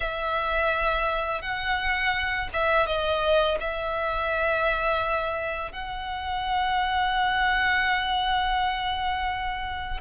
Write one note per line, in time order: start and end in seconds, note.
0.00 1.41 E5
1.41 2.48 F#5
2.53 2.86 E5
2.86 3.57 D#5
3.60 5.71 E5
5.71 10.00 F#5